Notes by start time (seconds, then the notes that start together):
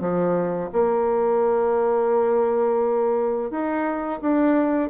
0.00 F3
0.73 A#3
3.50 D#4
4.21 D4